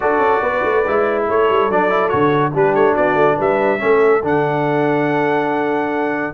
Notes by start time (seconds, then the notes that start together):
0.00 D4 F#4 A4 D5
0.18 C#4
0.41 B3 B4
0.63 A3
0.87 G#3 E4
1.27 A3 A4 C#5
1.49 G3
1.69 F#3 D4 D5
1.89 E4
2.08 D3 F#4 C#5
2.53 G3 D4 G4 B4
2.74 A3 C#5
2.92 B3 F#4 D5
3.14 A3
3.36 G3 B4 E5
3.78 A3 C#4 A4
4.22 D3 D4 F#5